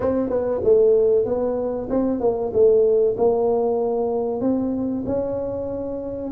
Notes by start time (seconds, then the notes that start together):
0.00 C4
0.29 B3
0.63 A3
1.25 B3
1.89 C4
2.20 A#3
2.53 A3
3.17 A#3
4.40 C4
5.06 C#4